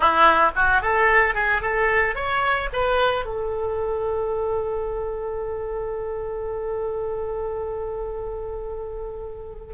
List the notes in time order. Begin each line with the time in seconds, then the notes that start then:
0.00 E4
0.55 F#4
0.81 A4
1.34 G#4
1.61 A4
2.15 C#5
2.72 B4
3.25 A4